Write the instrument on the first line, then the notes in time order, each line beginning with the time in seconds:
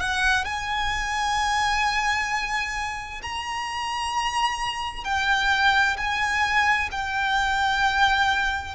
violin
0.00 F#5
0.45 G#5
3.23 A#5
5.04 G5
5.97 G#5
6.92 G5